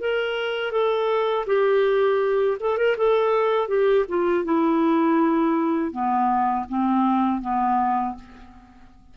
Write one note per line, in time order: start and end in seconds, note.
0.00 0.72 A#4
0.72 1.46 A4
1.46 2.58 G4
2.60 2.77 A4
2.77 2.96 A#4
2.97 3.68 A4
3.68 4.05 G4
4.09 4.44 F4
4.44 5.92 E4
5.92 6.66 B3
6.69 7.41 C4
7.41 8.15 B3